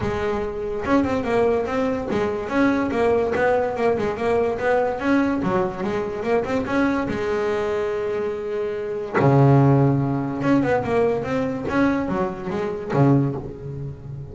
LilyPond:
\new Staff \with { instrumentName = "double bass" } { \time 4/4 \tempo 4 = 144 gis2 cis'8 c'8 ais4 | c'4 gis4 cis'4 ais4 | b4 ais8 gis8 ais4 b4 | cis'4 fis4 gis4 ais8 c'8 |
cis'4 gis2.~ | gis2 cis2~ | cis4 cis'8 b8 ais4 c'4 | cis'4 fis4 gis4 cis4 | }